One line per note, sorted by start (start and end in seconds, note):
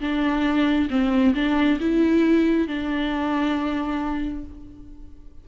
0.00 0.88 D4
0.90 1.34 C4
1.35 1.79 D4
1.80 2.67 E4
2.67 4.44 D4